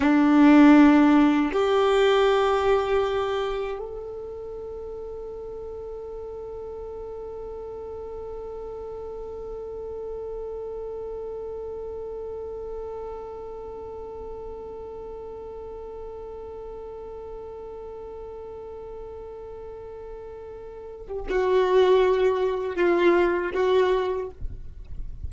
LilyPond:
\new Staff \with { instrumentName = "violin" } { \time 4/4 \tempo 4 = 79 d'2 g'2~ | g'4 a'2.~ | a'1~ | a'1~ |
a'1~ | a'1~ | a'2.~ a'8. g'16 | fis'2 f'4 fis'4 | }